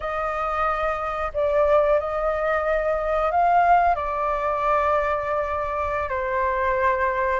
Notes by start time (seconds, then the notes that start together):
0.00 D#5
1.33 D5
1.99 D#5
3.31 F5
3.95 D5
6.09 C5